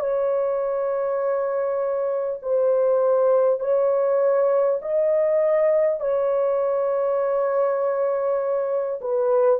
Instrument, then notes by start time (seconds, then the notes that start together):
horn
0.00 C#5
2.42 C5
3.60 C#5
4.82 D#5
6.01 C#5
9.01 B4